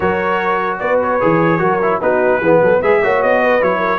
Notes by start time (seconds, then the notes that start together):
0.00 F#3 F#4 A#4 C#5
0.79 B3 B4 D5
1.03 C#5
1.20 E3 G#4
1.59 F#3 F#4 A#4
1.82 E4
2.01 B3 D#4 F#4 B4
2.40 E3 B3 G#4
2.61 F#3 A4
2.80 G#3 G#4 B4 E5
3.02 A#3 F#4 C#5
3.22 B3 D#5
3.42 B4
3.60 F#3 E4 C#5
3.78 A#4